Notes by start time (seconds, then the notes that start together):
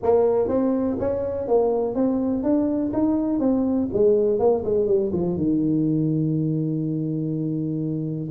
0.02 A#3
0.48 C4
0.99 C#4
1.47 A#3
1.94 C4
2.43 D4
2.93 D#4
3.39 C4
3.93 G#3
4.39 A#3
4.64 G#3
4.86 G3
5.12 F3
5.36 D#3